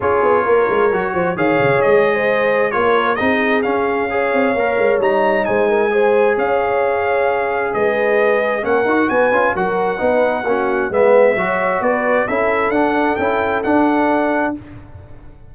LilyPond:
<<
  \new Staff \with { instrumentName = "trumpet" } { \time 4/4 \tempo 4 = 132 cis''2. f''4 | dis''2 cis''4 dis''4 | f''2. ais''4 | gis''2 f''2~ |
f''4 dis''2 fis''4 | gis''4 fis''2. | e''2 d''4 e''4 | fis''4 g''4 fis''2 | }
  \new Staff \with { instrumentName = "horn" } { \time 4/4 gis'4 ais'4. c''8 cis''4~ | cis''8. c''4~ c''16 ais'4 gis'4~ | gis'4 cis''2. | c''8 ais'8 c''4 cis''2~ |
cis''4 b'2 ais'4 | b'4 ais'4 b'4 fis'4 | b'4 cis''4 b'4 a'4~ | a'1 | }
  \new Staff \with { instrumentName = "trombone" } { \time 4/4 f'2 fis'4 gis'4~ | gis'2 f'4 dis'4 | cis'4 gis'4 ais'4 dis'4~ | dis'4 gis'2.~ |
gis'2. cis'8 fis'8~ | fis'8 f'8 fis'4 dis'4 cis'4 | b4 fis'2 e'4 | d'4 e'4 d'2 | }
  \new Staff \with { instrumentName = "tuba" } { \time 4/4 cis'8 b8 ais8 gis8 fis8 f8 dis8 cis8 | gis2 ais4 c'4 | cis'4. c'8 ais8 gis8 g4 | gis2 cis'2~ |
cis'4 gis2 ais8 dis'8 | b8 cis'8 fis4 b4 ais4 | gis4 fis4 b4 cis'4 | d'4 cis'4 d'2 | }
>>